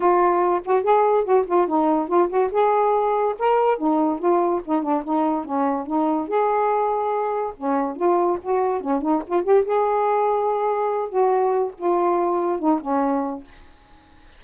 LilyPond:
\new Staff \with { instrumentName = "saxophone" } { \time 4/4 \tempo 4 = 143 f'4. fis'8 gis'4 fis'8 f'8 | dis'4 f'8 fis'8 gis'2 | ais'4 dis'4 f'4 dis'8 d'8 | dis'4 cis'4 dis'4 gis'4~ |
gis'2 cis'4 f'4 | fis'4 cis'8 dis'8 f'8 g'8 gis'4~ | gis'2~ gis'8 fis'4. | f'2 dis'8 cis'4. | }